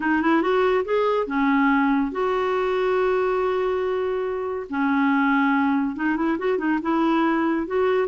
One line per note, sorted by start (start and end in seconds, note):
0.00 0.21 D#4
0.21 0.41 E4
0.41 0.84 F#4
0.85 1.26 G#4
1.26 2.11 C#4
2.11 4.66 F#4
4.69 5.96 C#4
5.96 6.16 D#4
6.16 6.37 E4
6.38 6.57 F#4
6.57 6.79 D#4
6.81 7.67 E4
7.67 8.08 F#4